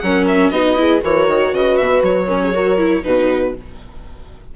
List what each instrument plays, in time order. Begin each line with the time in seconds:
0.00 bassoon F#3, viola C#4, horn A#4, violin F#5
0.28 violin E5
0.50 bassoon B3, viola D#4, horn F#4, violin D#5
0.77 viola E4, horn G#4
1.01 bassoon E3, viola F#4, horn A#4, violin C#5
1.28 bassoon D#3
1.53 bassoon C#3, horn B4, violin D#5
1.78 bassoon B2, violin E5
2.03 bassoon F#3, violin C#5
2.27 viola C#4, horn A#4
2.44 horn G#4
2.54 viola F#4, horn A#4
2.78 viola E4
3.03 bassoon B2, viola D#4, horn F#4, violin B4